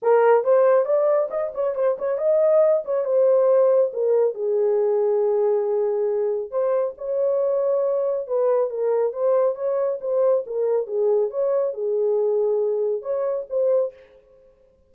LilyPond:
\new Staff \with { instrumentName = "horn" } { \time 4/4 \tempo 4 = 138 ais'4 c''4 d''4 dis''8 cis''8 | c''8 cis''8 dis''4. cis''8 c''4~ | c''4 ais'4 gis'2~ | gis'2. c''4 |
cis''2. b'4 | ais'4 c''4 cis''4 c''4 | ais'4 gis'4 cis''4 gis'4~ | gis'2 cis''4 c''4 | }